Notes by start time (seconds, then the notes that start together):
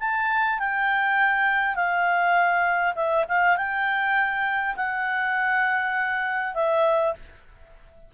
0.00 A5
0.59 G5
1.75 F5
2.95 E5
3.29 F5
3.57 G5
4.76 F#5
6.55 E5